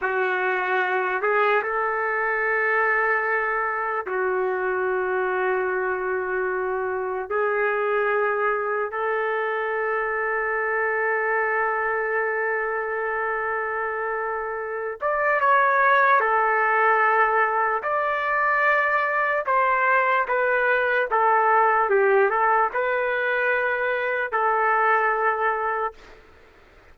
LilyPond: \new Staff \with { instrumentName = "trumpet" } { \time 4/4 \tempo 4 = 74 fis'4. gis'8 a'2~ | a'4 fis'2.~ | fis'4 gis'2 a'4~ | a'1~ |
a'2~ a'8 d''8 cis''4 | a'2 d''2 | c''4 b'4 a'4 g'8 a'8 | b'2 a'2 | }